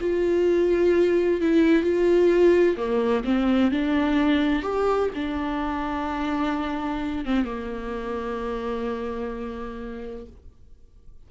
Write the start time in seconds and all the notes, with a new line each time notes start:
0.00 F4
1.41 E4
1.82 F4
2.77 A#3
3.24 C4
3.71 D4
4.62 G4
5.15 D4
7.25 C4
7.44 A#3